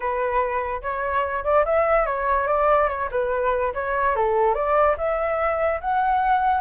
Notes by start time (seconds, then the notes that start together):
0.00 B4
0.82 C#5
1.44 D5
1.65 E5
2.06 C#5
2.47 D5
2.89 C#5
3.11 B4
3.74 C#5
4.15 A4
4.54 D5
4.97 E5
5.80 F#5